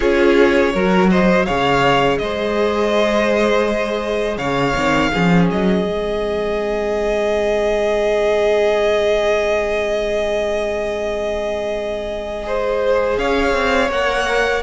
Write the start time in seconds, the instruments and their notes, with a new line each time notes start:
0.00 cello C#4, viola F4, violin G#4 C#5
0.73 cello F#3, viola F#4, violin A#4
1.10 violin C5 D#5
1.45 cello C#3, viola G#4, violin C#5 F5
2.18 cello G#3, violin C5 D#5
4.37 cello C#3, violin C#5 F5
4.74 cello D#3, viola C4
5.12 cello F3, viola C#4, violin G#4
5.50 cello F#3, violin D#5
5.85 cello G#3, viola C4
12.43 viola G#4, violin C5
13.17 cello C#4, violin C#5 F5
13.53 cello C4
13.89 cello A#3, viola A#4, violin F#5